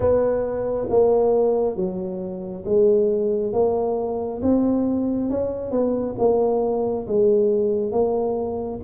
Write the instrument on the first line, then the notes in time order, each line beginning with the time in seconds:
tuba
0.00 B3
0.89 A#3
1.76 F#3
2.65 G#3
3.53 A#3
4.42 C4
5.29 C#4
5.71 B3
6.18 A#3
7.07 G#3
7.91 A#3